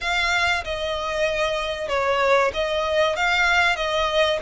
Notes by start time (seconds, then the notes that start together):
0.00 F5
0.64 D#5
1.88 C#5
2.53 D#5
3.16 F5
3.76 D#5